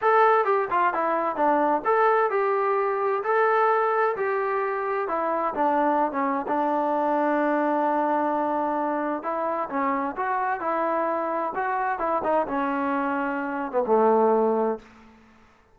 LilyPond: \new Staff \with { instrumentName = "trombone" } { \time 4/4 \tempo 4 = 130 a'4 g'8 f'8 e'4 d'4 | a'4 g'2 a'4~ | a'4 g'2 e'4 | d'4~ d'16 cis'8. d'2~ |
d'1 | e'4 cis'4 fis'4 e'4~ | e'4 fis'4 e'8 dis'8 cis'4~ | cis'4.~ cis'16 b16 a2 | }